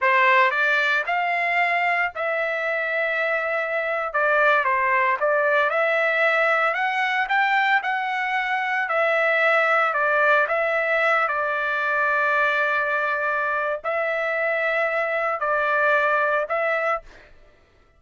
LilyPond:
\new Staff \with { instrumentName = "trumpet" } { \time 4/4 \tempo 4 = 113 c''4 d''4 f''2 | e''2.~ e''8. d''16~ | d''8. c''4 d''4 e''4~ e''16~ | e''8. fis''4 g''4 fis''4~ fis''16~ |
fis''8. e''2 d''4 e''16~ | e''4~ e''16 d''2~ d''8.~ | d''2 e''2~ | e''4 d''2 e''4 | }